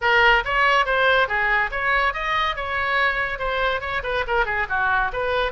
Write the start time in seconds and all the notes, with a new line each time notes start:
0.01 A#4
0.44 C#5
0.85 C5
1.27 G#4
1.71 C#5
2.13 D#5
2.55 C#5
3.38 C5
3.80 C#5
4.03 B4
4.27 A#4
4.45 G#4
4.69 F#4
5.12 B4